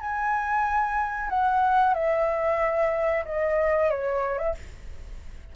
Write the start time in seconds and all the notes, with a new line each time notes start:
0.00 G#5
1.30 F#5
1.94 E5
3.25 D#5
3.90 C#5
4.38 E5